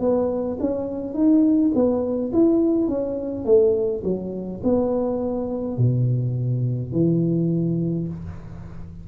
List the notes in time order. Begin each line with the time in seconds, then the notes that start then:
0.00 B3
0.60 C#4
1.14 D#4
1.75 B3
2.33 E4
2.88 C#4
3.46 A3
4.04 F#3
4.64 B3
5.78 B2
6.93 E3